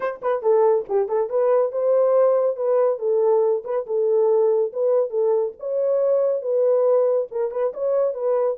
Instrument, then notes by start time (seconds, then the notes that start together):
horn
0.00 C5
0.22 B4
0.42 A4
0.88 G4
1.08 A4
1.29 B4
1.72 C5
2.56 B4
2.99 A4
3.64 B4
3.86 A4
4.72 B4
5.10 A4
5.59 C#5
6.41 B4
7.31 A#4
7.51 B4
7.73 C#5
8.14 B4